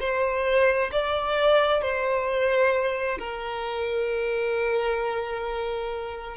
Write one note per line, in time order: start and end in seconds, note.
0.00 0.91 C5
0.92 1.82 D5
1.82 3.19 C5
3.19 6.37 A#4